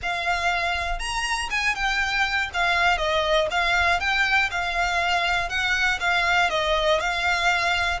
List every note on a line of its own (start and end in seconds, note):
0.02 0.99 F5
0.99 1.49 A#5
1.50 1.75 G#5
1.75 2.50 G5
2.53 2.97 F5
2.97 3.47 D#5
3.50 4.00 F5
4.00 4.50 G5
4.50 5.49 F5
5.49 5.99 F#5
6.00 6.50 F5
6.50 7.00 D#5
7.00 8.00 F5